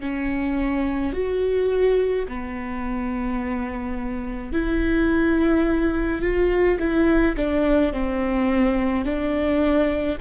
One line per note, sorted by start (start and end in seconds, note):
0.00 1.13 C#4
1.13 2.26 F#4
2.28 4.52 B3
4.52 6.22 E4
6.22 6.78 F4
6.79 7.36 E4
7.36 7.93 D4
7.93 9.05 C4
9.05 10.18 D4